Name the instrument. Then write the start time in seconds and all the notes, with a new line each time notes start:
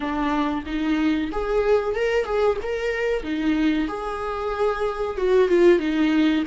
viola
0.00 D4
0.65 D#4
1.31 G#4
1.95 A#4
2.24 G#4
2.62 A#4
3.23 D#4
3.88 G#4
5.17 F#4
5.48 F4
5.79 D#4